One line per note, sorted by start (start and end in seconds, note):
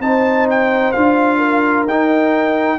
0.00 0.92 C4
0.00 0.94 D#4
0.00 1.38 C5
0.00 0.47 A5
0.50 0.92 G5
0.92 1.84 D4
0.92 1.88 F4
0.92 1.84 F5
1.38 2.76 A#4
1.84 2.77 D#4
1.84 2.79 D#4
1.84 2.79 G5